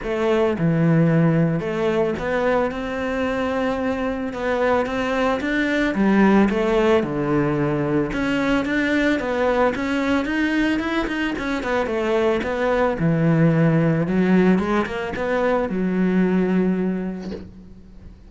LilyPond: \new Staff \with { instrumentName = "cello" } { \time 4/4 \tempo 4 = 111 a4 e2 a4 | b4 c'2. | b4 c'4 d'4 g4 | a4 d2 cis'4 |
d'4 b4 cis'4 dis'4 | e'8 dis'8 cis'8 b8 a4 b4 | e2 fis4 gis8 ais8 | b4 fis2. | }